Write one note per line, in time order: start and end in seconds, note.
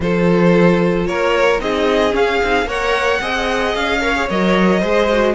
0.00 1.07 F3
0.00 1.58 F4
0.00 1.08 A4
0.00 1.07 C5
1.07 1.60 A#3
1.07 1.61 A#4
1.07 1.60 C#5
1.58 2.14 C4
1.58 2.11 D#4
1.58 2.67 G#4
1.58 2.15 D#5
2.11 2.38 C#4
2.11 2.41 C#4
2.11 2.69 F5
2.42 2.65 C4
2.42 2.66 D#4
2.65 3.18 A#3
2.65 3.19 A#4
2.65 3.20 C#5
2.65 3.75 F#5
3.21 3.74 C4
3.21 4.01 G#4
3.21 4.01 D#5
3.75 4.28 C#4
3.75 4.28 F5
4.01 4.14 A#4
4.01 4.80 C#5
4.15 4.28 G#4
4.29 4.82 F#3
4.29 4.82 A#4
4.29 5.34 D#5
4.80 5.34 G#3
4.80 5.09 G#4
4.80 5.33 C5
5.12 5.34 F#4